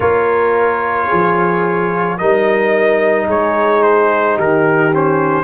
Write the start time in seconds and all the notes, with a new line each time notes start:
0.00 A#3 F4 A#4 C#5
1.07 F3 G#4
2.17 G3 D#4 A#4 D#5
3.26 G#3 G#4 C#5
3.82 C5
4.35 D#3 G4 A#4
4.92 C#4 C5